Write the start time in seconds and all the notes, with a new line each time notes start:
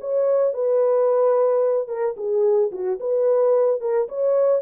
0.00 C#5
0.53 B4
1.88 A#4
2.17 G#4
2.71 F#4
3.00 B4
3.81 A#4
4.08 C#5